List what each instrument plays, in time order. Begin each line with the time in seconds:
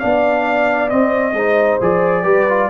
0.00 tuba B3, trombone D4, horn D5, trumpet F5
0.89 trombone C4, tuba C4, trumpet D#5
1.33 tuba G#3, trombone D#4, horn C5
1.81 tuba F3, trombone G#4, trumpet D5
2.23 tuba G3, trombone G4, horn B4
2.49 trombone F4